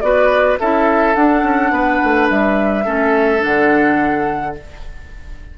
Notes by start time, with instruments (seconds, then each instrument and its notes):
0.00 bassoon B3, clarinet F#4, oboe B4, flute D5
0.59 bassoon C#4, clarinet E4, oboe A4, flute E5
1.14 bassoon D4, clarinet D4, flute F#5
1.42 bassoon C#4
1.71 bassoon B3, oboe B4
2.03 bassoon A3
2.30 bassoon G3, flute E5
2.84 bassoon A3, clarinet C#4, oboe A4
3.39 bassoon D3, clarinet D4, flute F#5